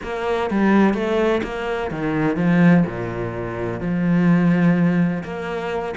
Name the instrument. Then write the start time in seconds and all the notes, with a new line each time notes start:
cello
0.03 A#3
0.50 G3
0.94 A3
1.43 A#3
1.90 D#3
2.36 F3
2.86 A#2
3.80 F3
5.23 A#3